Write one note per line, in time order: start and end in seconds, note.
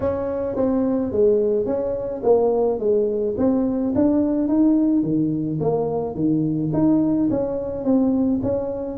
0.00 0.56 C#4
0.56 1.11 C4
1.11 1.66 G#3
1.66 2.22 C#4
2.23 2.79 A#3
2.79 3.35 G#3
3.37 3.93 C4
3.95 4.48 D4
4.48 5.02 D#4
5.02 5.58 D#3
5.60 6.14 A#3
6.14 6.70 D#3
6.73 7.29 D#4
7.30 7.84 C#4
7.84 8.40 C4
8.42 8.97 C#4